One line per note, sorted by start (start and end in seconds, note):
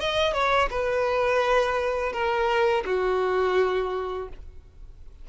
0.00 0.33 D#5
0.33 0.69 C#5
0.70 2.12 B4
2.12 2.84 A#4
2.85 4.28 F#4